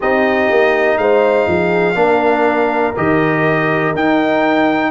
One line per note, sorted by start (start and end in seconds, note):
0.00 0.50 C4
0.00 1.94 D#4
0.00 0.98 G4
0.00 0.97 D#5
0.50 0.97 A#3
0.97 1.47 G#3
0.97 1.49 C5
0.97 2.94 F5
1.47 1.95 F3
1.47 1.97 G#4
1.94 2.93 A#3
1.94 2.93 D4
1.94 4.91 A#4
2.96 3.94 D#3
2.96 3.94 G4
2.96 3.94 D#5
3.94 4.91 D#4
3.94 4.91 G5